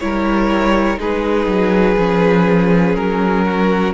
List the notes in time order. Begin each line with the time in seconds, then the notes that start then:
0.00 G3 E4 A#4 C#5
0.98 G#3 D#4 G#4 B4
1.47 F#3
1.97 F3 C#4
2.95 F#3 A#4
3.45 F#4